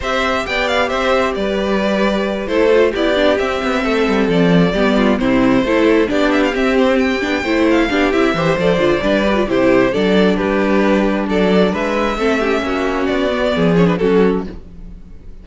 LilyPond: <<
  \new Staff \with { instrumentName = "violin" } { \time 4/4 \tempo 4 = 133 e''4 g''8 f''8 e''4 d''4~ | d''4. c''4 d''4 e''8~ | e''4. d''2 c''8~ | c''4. d''8 e''16 f''16 e''8 c''8 g''8~ |
g''4 f''4 e''4 d''4~ | d''4 c''4 d''4 b'4~ | b'4 d''4 e''2~ | e''4 d''4. cis''16 b'16 a'4 | }
  \new Staff \with { instrumentName = "violin" } { \time 4/4 c''4 d''4 c''4 b'4~ | b'4. a'4 g'4.~ | g'8 a'2 g'8 f'8 e'8~ | e'8 a'4 g'2~ g'8~ |
g'8 c''4 g'4 c''4. | b'4 g'4 a'4 g'4~ | g'4 a'4 b'4 a'8 g'8 | fis'2 gis'4 fis'4 | }
  \new Staff \with { instrumentName = "viola" } { \time 4/4 g'1~ | g'4. e'8 f'8 e'8 d'8 c'8~ | c'2~ c'8 b4 c'8~ | c'8 e'4 d'4 c'4. |
d'8 e'4 d'8 e'8 g'8 a'8 f'8 | d'8 g'16 f'16 e'4 d'2~ | d'2. c'8 cis'8~ | cis'4. b4 cis'16 d'16 cis'4 | }
  \new Staff \with { instrumentName = "cello" } { \time 4/4 c'4 b4 c'4 g4~ | g4. a4 b4 c'8 | b8 a8 g8 f4 g4 c8~ | c8 a4 b4 c'4. |
b8 a4 b8 c'8 e8 f8 d8 | g4 c4 fis4 g4~ | g4 fis4 gis4 a4 | ais4 b4 f4 fis4 | }
>>